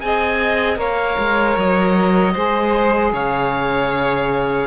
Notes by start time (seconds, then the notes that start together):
0.00 C4 G#4 D#5 G#5
0.76 A#3 A#4 C#5 F5
1.18 G#3
1.56 F#3 D#5
2.33 G#3 G#4 C5
3.13 C#3 C#5 F5